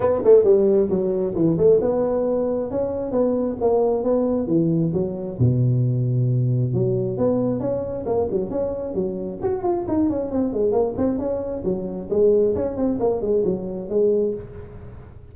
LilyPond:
\new Staff \with { instrumentName = "tuba" } { \time 4/4 \tempo 4 = 134 b8 a8 g4 fis4 e8 a8 | b2 cis'4 b4 | ais4 b4 e4 fis4 | b,2. fis4 |
b4 cis'4 ais8 fis8 cis'4 | fis4 fis'8 f'8 dis'8 cis'8 c'8 gis8 | ais8 c'8 cis'4 fis4 gis4 | cis'8 c'8 ais8 gis8 fis4 gis4 | }